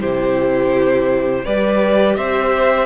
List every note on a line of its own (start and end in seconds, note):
0.00 1.45 C3
0.00 1.45 E4
0.00 1.45 G4
0.00 1.45 C5
1.45 2.17 G3
1.45 2.86 G4
1.45 2.17 B4
1.45 2.16 D5
2.16 2.86 C4
2.16 2.86 C5
2.16 2.86 E5